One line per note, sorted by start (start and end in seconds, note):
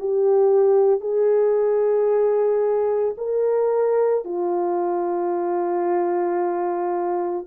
0.00 1.01 G4
1.01 3.16 G#4
3.18 4.25 A#4
4.25 7.47 F4